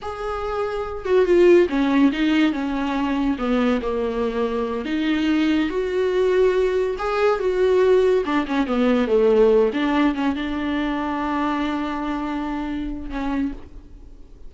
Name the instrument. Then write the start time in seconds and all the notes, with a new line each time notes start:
viola
0.02 G#4
1.05 F#4
1.25 F4
1.69 C#4
2.12 D#4
2.52 C#4
3.38 B3
3.81 A#3
4.85 D#4
5.69 F#4
6.98 G#4
7.39 F#4
8.25 D4
8.47 C#4
8.66 B3
9.07 A3
9.73 D4
10.14 C#4
10.35 D4
13.09 C#4